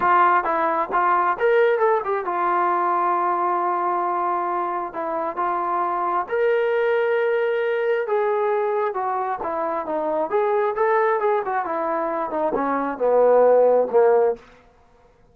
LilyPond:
\new Staff \with { instrumentName = "trombone" } { \time 4/4 \tempo 4 = 134 f'4 e'4 f'4 ais'4 | a'8 g'8 f'2.~ | f'2. e'4 | f'2 ais'2~ |
ais'2 gis'2 | fis'4 e'4 dis'4 gis'4 | a'4 gis'8 fis'8 e'4. dis'8 | cis'4 b2 ais4 | }